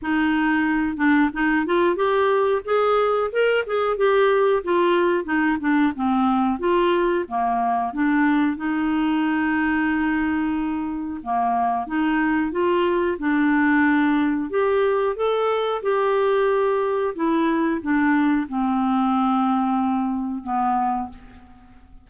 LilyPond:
\new Staff \with { instrumentName = "clarinet" } { \time 4/4 \tempo 4 = 91 dis'4. d'8 dis'8 f'8 g'4 | gis'4 ais'8 gis'8 g'4 f'4 | dis'8 d'8 c'4 f'4 ais4 | d'4 dis'2.~ |
dis'4 ais4 dis'4 f'4 | d'2 g'4 a'4 | g'2 e'4 d'4 | c'2. b4 | }